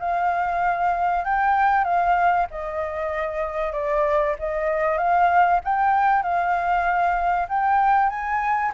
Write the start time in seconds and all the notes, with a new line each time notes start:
0.00 F5
1.25 G5
1.85 F5
2.51 D#5
3.73 D5
4.39 D#5
4.98 F5
5.64 G5
6.23 F5
7.49 G5
8.10 G#5